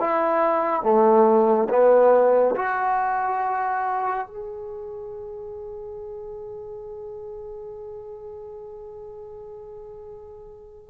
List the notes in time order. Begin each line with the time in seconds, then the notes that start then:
0.00 E4
0.83 A3
1.69 B3
2.56 F#4
4.27 G#4